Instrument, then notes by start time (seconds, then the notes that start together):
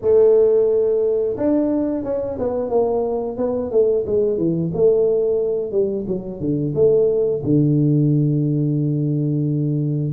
tuba
0.01 A3
1.37 D4
2.03 C#4
2.38 B3
2.69 A#3
3.37 B3
3.71 A3
4.06 G#3
4.37 E3
4.73 A3
5.71 G3
6.07 F#3
6.40 D3
6.74 A3
7.43 D3